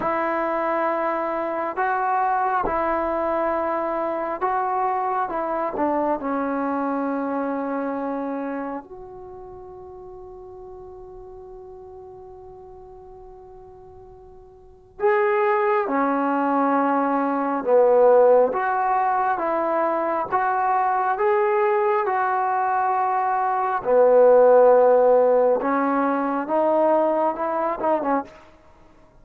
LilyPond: \new Staff \with { instrumentName = "trombone" } { \time 4/4 \tempo 4 = 68 e'2 fis'4 e'4~ | e'4 fis'4 e'8 d'8 cis'4~ | cis'2 fis'2~ | fis'1~ |
fis'4 gis'4 cis'2 | b4 fis'4 e'4 fis'4 | gis'4 fis'2 b4~ | b4 cis'4 dis'4 e'8 dis'16 cis'16 | }